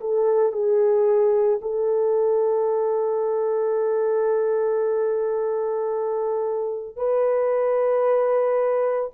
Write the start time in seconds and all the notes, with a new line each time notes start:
0.00 A4
0.52 G#4
1.61 A4
6.96 B4